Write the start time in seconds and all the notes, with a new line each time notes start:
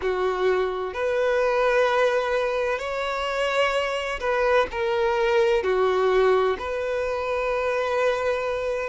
0.01 F#4
0.93 B4
2.79 C#5
4.20 B4
4.71 A#4
5.62 F#4
6.58 B4